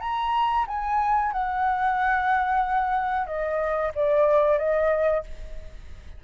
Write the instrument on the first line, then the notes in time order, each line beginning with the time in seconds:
flute
0.00 A#5
0.67 G#5
1.32 F#5
3.26 D#5
3.95 D5
4.58 D#5